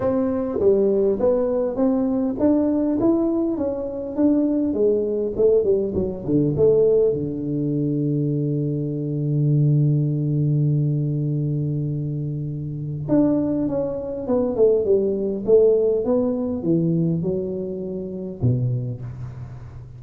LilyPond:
\new Staff \with { instrumentName = "tuba" } { \time 4/4 \tempo 4 = 101 c'4 g4 b4 c'4 | d'4 e'4 cis'4 d'4 | gis4 a8 g8 fis8 d8 a4 | d1~ |
d1~ | d2 d'4 cis'4 | b8 a8 g4 a4 b4 | e4 fis2 b,4 | }